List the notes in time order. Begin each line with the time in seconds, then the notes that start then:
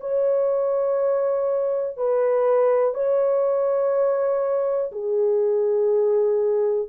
0.00 C#5
1.97 B4
2.94 C#5
4.91 G#4